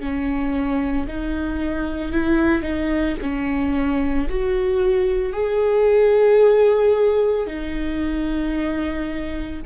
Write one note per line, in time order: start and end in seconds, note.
0.00 1.07 C#4
1.08 2.12 D#4
2.12 2.62 E4
2.62 3.16 D#4
3.22 4.29 C#4
4.30 5.33 F#4
5.33 7.47 G#4
7.47 9.61 D#4